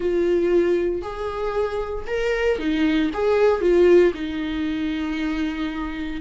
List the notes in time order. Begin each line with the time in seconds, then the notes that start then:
0.00 F4
1.01 G#4
2.07 A#4
2.58 D#4
3.13 G#4
3.61 F4
4.14 D#4